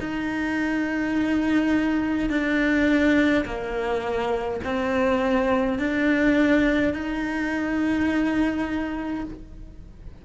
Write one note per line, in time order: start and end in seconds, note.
0.00 2.29 D#4
2.29 3.45 D4
3.45 4.60 A#3
4.64 5.78 C4
5.78 6.93 D4
6.93 9.24 D#4